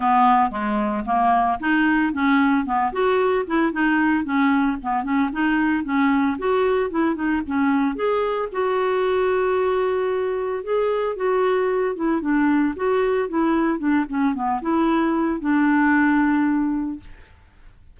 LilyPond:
\new Staff \with { instrumentName = "clarinet" } { \time 4/4 \tempo 4 = 113 b4 gis4 ais4 dis'4 | cis'4 b8 fis'4 e'8 dis'4 | cis'4 b8 cis'8 dis'4 cis'4 | fis'4 e'8 dis'8 cis'4 gis'4 |
fis'1 | gis'4 fis'4. e'8 d'4 | fis'4 e'4 d'8 cis'8 b8 e'8~ | e'4 d'2. | }